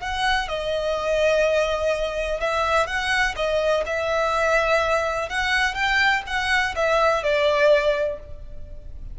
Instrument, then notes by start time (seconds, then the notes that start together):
violin
0.00 F#5
0.48 D#5
2.40 E5
2.87 F#5
3.36 D#5
3.85 E5
5.29 F#5
5.74 G5
6.26 F#5
6.75 E5
7.23 D5